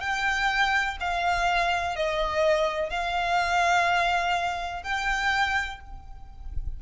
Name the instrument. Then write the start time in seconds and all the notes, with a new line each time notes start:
violin
0.00 G5
1.00 F5
1.96 D#5
2.89 F5
4.83 G5